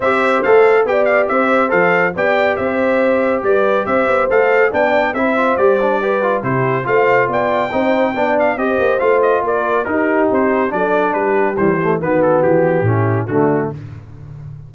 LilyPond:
<<
  \new Staff \with { instrumentName = "trumpet" } { \time 4/4 \tempo 4 = 140 e''4 f''4 g''8 f''8 e''4 | f''4 g''4 e''2 | d''4 e''4 f''4 g''4 | e''4 d''2 c''4 |
f''4 g''2~ g''8 f''8 | dis''4 f''8 dis''8 d''4 ais'4 | c''4 d''4 b'4 c''4 | b'8 a'8 g'2 fis'4 | }
  \new Staff \with { instrumentName = "horn" } { \time 4/4 c''2 d''4 c''4~ | c''4 d''4 c''2 | b'4 c''2 d''4 | c''2 b'4 g'4 |
c''4 d''4 c''4 d''4 | c''2 ais'4 g'4~ | g'4 a'4 g'2 | fis'2 e'4 d'4 | }
  \new Staff \with { instrumentName = "trombone" } { \time 4/4 g'4 a'4 g'2 | a'4 g'2.~ | g'2 a'4 d'4 | e'8 f'8 g'8 d'8 g'8 f'8 e'4 |
f'2 dis'4 d'4 | g'4 f'2 dis'4~ | dis'4 d'2 g8 a8 | b2 cis'4 a4 | }
  \new Staff \with { instrumentName = "tuba" } { \time 4/4 c'4 a4 b4 c'4 | f4 b4 c'2 | g4 c'8 b8 a4 b4 | c'4 g2 c4 |
a4 b4 c'4 b4 | c'8 ais8 a4 ais4 dis'4 | c'4 fis4 g4 e4 | dis4 e4 a,4 d4 | }
>>